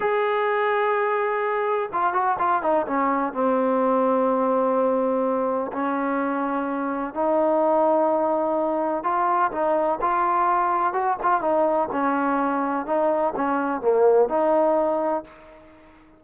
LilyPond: \new Staff \with { instrumentName = "trombone" } { \time 4/4 \tempo 4 = 126 gis'1 | f'8 fis'8 f'8 dis'8 cis'4 c'4~ | c'1 | cis'2. dis'4~ |
dis'2. f'4 | dis'4 f'2 fis'8 f'8 | dis'4 cis'2 dis'4 | cis'4 ais4 dis'2 | }